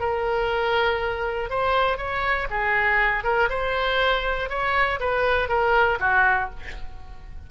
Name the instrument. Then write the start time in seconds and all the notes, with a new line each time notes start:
oboe
0.00 A#4
1.50 C5
1.98 C#5
2.50 G#4
3.24 A#4
3.50 C5
4.50 C#5
5.00 B4
5.49 A#4
6.00 F#4